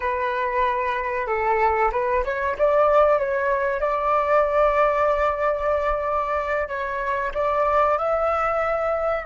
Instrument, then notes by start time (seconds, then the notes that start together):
flute
0.00 B4
1.26 A4
1.91 B4
2.24 C#5
2.58 D5
3.18 C#5
3.80 D5
6.68 C#5
7.34 D5
7.98 E5